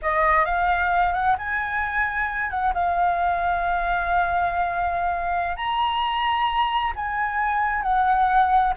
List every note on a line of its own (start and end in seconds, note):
0.01 0.45 D#5
0.45 1.13 F5
1.13 1.36 F#5
1.38 2.50 G#5
2.50 2.73 F#5
2.74 5.56 F5
5.56 6.92 A#5
6.95 7.82 G#5
7.82 8.73 F#5